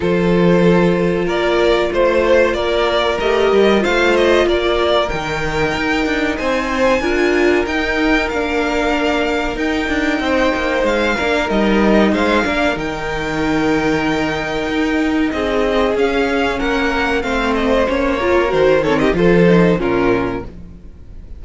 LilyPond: <<
  \new Staff \with { instrumentName = "violin" } { \time 4/4 \tempo 4 = 94 c''2 d''4 c''4 | d''4 dis''4 f''8 dis''8 d''4 | g''2 gis''2 | g''4 f''2 g''4~ |
g''4 f''4 dis''4 f''4 | g''1 | dis''4 f''4 fis''4 f''8 dis''8 | cis''4 c''8 cis''16 dis''16 c''4 ais'4 | }
  \new Staff \with { instrumentName = "violin" } { \time 4/4 a'2 ais'4 c''4 | ais'2 c''4 ais'4~ | ais'2 c''4 ais'4~ | ais'1 |
c''4. ais'4. c''8 ais'8~ | ais'1 | gis'2 ais'4 c''4~ | c''8 ais'4 a'16 g'16 a'4 f'4 | }
  \new Staff \with { instrumentName = "viola" } { \time 4/4 f'1~ | f'4 g'4 f'2 | dis'2. f'4 | dis'4 d'2 dis'4~ |
dis'4. d'8 dis'4. d'8 | dis'1~ | dis'4 cis'2 c'4 | cis'8 f'8 fis'8 c'8 f'8 dis'8 cis'4 | }
  \new Staff \with { instrumentName = "cello" } { \time 4/4 f2 ais4 a4 | ais4 a8 g8 a4 ais4 | dis4 dis'8 d'8 c'4 d'4 | dis'4 ais2 dis'8 d'8 |
c'8 ais8 gis8 ais8 g4 gis8 ais8 | dis2. dis'4 | c'4 cis'4 ais4 a4 | ais4 dis4 f4 ais,4 | }
>>